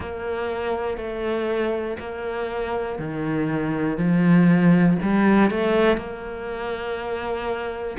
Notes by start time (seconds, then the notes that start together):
0.00 A#3
0.97 A3
1.99 A#3
2.98 D#3
3.97 F3
5.02 G3
5.50 A3
5.97 A#3